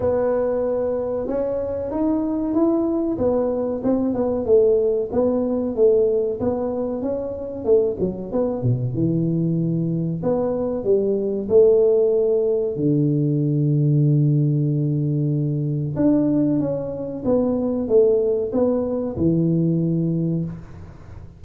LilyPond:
\new Staff \with { instrumentName = "tuba" } { \time 4/4 \tempo 4 = 94 b2 cis'4 dis'4 | e'4 b4 c'8 b8 a4 | b4 a4 b4 cis'4 | a8 fis8 b8 b,8 e2 |
b4 g4 a2 | d1~ | d4 d'4 cis'4 b4 | a4 b4 e2 | }